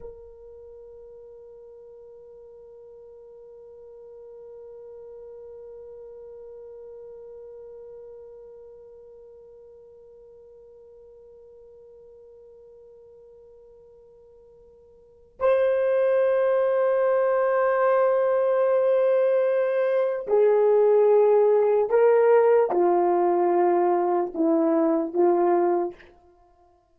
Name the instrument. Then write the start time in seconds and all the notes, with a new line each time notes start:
horn
0.00 A#4
15.39 C5
20.27 G#4
21.89 A#4
22.70 F4
24.34 E4
25.13 F4